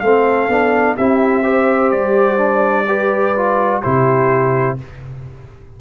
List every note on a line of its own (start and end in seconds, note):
0.00 0.48 A3
0.00 0.49 C4
0.00 0.96 A4
0.00 0.95 F5
0.48 0.96 B3
0.48 0.97 D4
0.96 1.92 C4
0.96 1.43 E4
0.96 1.44 G4
0.96 1.91 E5
1.43 2.37 G4
1.43 2.87 C5
1.91 3.83 G3
1.91 3.82 D5
2.37 2.85 D4
2.88 3.36 G4
2.88 3.82 B4
3.37 3.83 F4
3.82 4.81 C3
3.82 4.78 E4
3.82 4.77 G4
3.82 4.77 C5